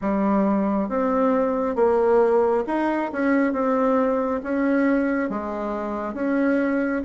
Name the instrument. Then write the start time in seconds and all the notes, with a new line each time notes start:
bassoon
0.01 G3
0.88 C4
1.75 A#3
2.67 D#4
3.12 C#4
3.52 C4
4.43 C#4
5.29 G#3
6.14 C#4